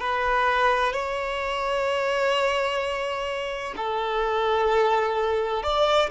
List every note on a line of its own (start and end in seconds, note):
0.00 0.93 B4
0.93 3.74 C#5
3.77 5.63 A4
5.63 6.10 D5